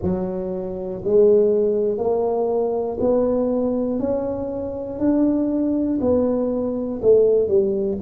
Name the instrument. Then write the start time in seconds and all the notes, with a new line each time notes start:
tuba
0.02 F#3
1.04 G#3
1.97 A#3
3.00 B3
3.99 C#4
4.99 D4
6.00 B3
7.02 A3
7.48 G3